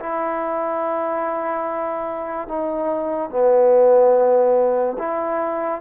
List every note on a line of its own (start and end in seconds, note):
0.00 2.48 E4
2.48 3.30 D#4
3.30 4.97 B3
4.99 5.81 E4